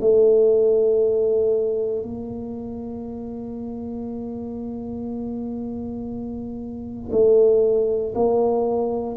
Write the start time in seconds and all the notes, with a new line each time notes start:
0.00 A3
2.02 A#3
7.11 A3
8.14 A#3